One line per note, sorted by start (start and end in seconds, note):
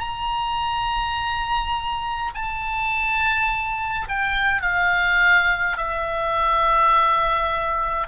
0.00 2.31 A#5
2.35 4.08 A5
4.09 4.62 G5
4.62 5.77 F5
5.77 8.08 E5